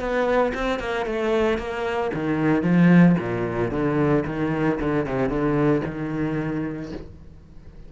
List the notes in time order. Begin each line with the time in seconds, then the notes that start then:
0.00 B3
0.55 C4
0.80 A#3
1.06 A3
1.58 A#3
2.14 D#3
2.63 F3
3.19 A#2
3.71 D3
4.26 D#3
4.80 D3
5.06 C3
5.29 D3
5.86 D#3